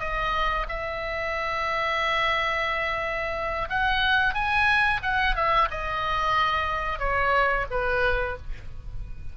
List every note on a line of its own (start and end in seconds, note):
0.00 0.67 D#5
0.69 3.69 E5
3.70 4.35 F#5
4.35 5.01 G#5
5.03 5.36 F#5
5.36 5.69 E5
5.71 7.00 D#5
7.00 7.66 C#5
7.71 8.38 B4